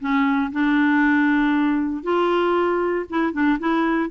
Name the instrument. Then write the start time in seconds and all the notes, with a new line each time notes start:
clarinet
0.00 C#4
0.52 D4
2.03 F4
3.10 E4
3.33 D4
3.59 E4